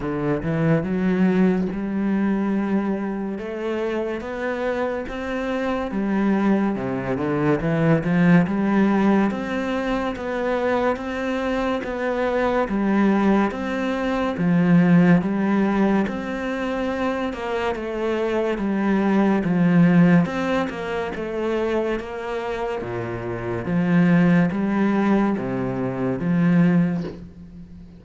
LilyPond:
\new Staff \with { instrumentName = "cello" } { \time 4/4 \tempo 4 = 71 d8 e8 fis4 g2 | a4 b4 c'4 g4 | c8 d8 e8 f8 g4 c'4 | b4 c'4 b4 g4 |
c'4 f4 g4 c'4~ | c'8 ais8 a4 g4 f4 | c'8 ais8 a4 ais4 ais,4 | f4 g4 c4 f4 | }